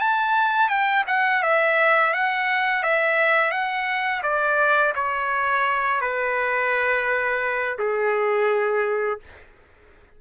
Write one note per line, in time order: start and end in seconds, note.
0.00 0.69 A5
0.69 1.04 G5
1.07 1.42 F#5
1.43 2.13 E5
2.13 2.83 F#5
2.83 3.51 E5
3.51 4.22 F#5
4.23 4.93 D5
4.95 6.01 C#5
6.01 7.78 B4
7.79 9.20 G#4